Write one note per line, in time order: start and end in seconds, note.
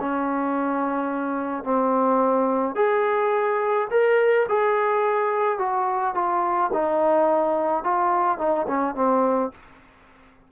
0.00 1.64 C#4
1.64 2.76 C4
2.76 3.88 G#4
3.91 4.47 A#4
4.49 5.59 G#4
5.59 6.15 F#4
6.15 6.71 F4
6.73 7.84 D#4
7.84 8.38 F4
8.38 8.66 D#4
8.68 8.95 C#4
8.95 9.51 C4